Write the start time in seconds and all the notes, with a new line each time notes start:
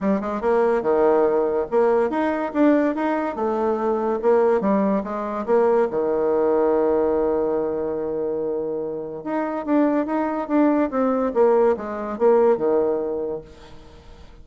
0.00 G3
0.20 G#3
0.41 A#3
0.82 D#3
1.70 A#3
2.10 D#4
2.53 D4
2.95 D#4
3.35 A3
4.22 A#3
4.61 G3
5.03 G#3
5.46 A#3
5.90 D#3
9.24 D#4
9.65 D4
10.05 D#4
10.48 D4
10.90 C4
11.34 A#3
11.76 G#3
12.18 A#3
12.57 D#3